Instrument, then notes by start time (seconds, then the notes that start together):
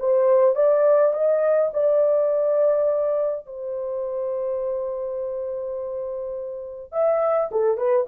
horn
0.00 C5
0.56 D5
1.14 D#5
1.74 D5
3.47 C5
6.93 E5
7.52 A4
7.78 B4